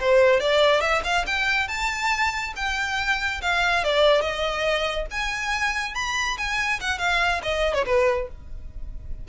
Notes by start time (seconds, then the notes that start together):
0.00 C5
0.40 D5
0.81 E5
1.04 F5
1.26 G5
1.68 A5
2.56 G5
3.42 F5
3.84 D5
4.21 D#5
5.11 G#5
5.95 B5
6.38 G#5
6.80 F#5
6.99 F5
7.43 D#5
7.74 C#5
7.86 B4